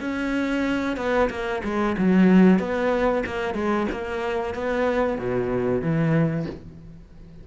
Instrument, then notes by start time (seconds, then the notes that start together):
cello
0.00 C#4
0.96 B3
1.30 A#3
1.64 G#3
1.98 F#3
2.59 B3
3.26 A#3
3.54 G#3
3.91 A#3
4.54 B3
5.18 B2
5.81 E3